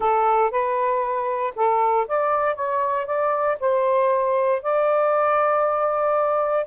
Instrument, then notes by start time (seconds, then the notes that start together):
saxophone
0.00 A4
0.51 B4
1.55 A4
2.07 D5
2.55 C#5
3.06 D5
3.59 C5
4.62 D5